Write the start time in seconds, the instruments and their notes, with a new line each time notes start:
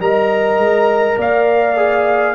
0.00 tuba G3, trombone A#4, horn D#5, trumpet A#5
0.58 tuba G#3
1.18 tuba A#3, horn D5, trumpet F5
1.77 trombone G#4